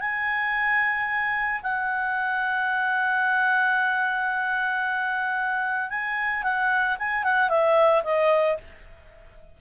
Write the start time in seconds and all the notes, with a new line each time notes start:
0.00 G#5
1.62 F#5
5.90 G#5
6.43 F#5
6.98 G#5
7.23 F#5
7.49 E5
8.03 D#5